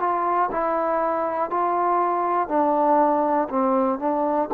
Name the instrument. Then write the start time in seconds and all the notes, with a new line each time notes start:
trombone
0.00 F4
0.51 E4
1.50 F4
2.48 D4
3.49 C4
3.99 D4